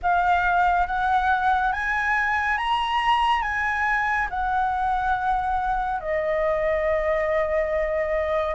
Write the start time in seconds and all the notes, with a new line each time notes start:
0.02 F5
0.86 F#5
1.72 G#5
2.57 A#5
3.42 G#5
4.29 F#5
6.00 D#5